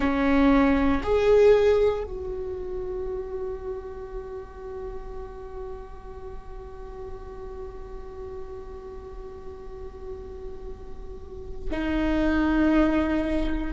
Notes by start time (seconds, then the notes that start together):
0.00 C#4
1.03 G#4
2.03 F#4
11.70 D#4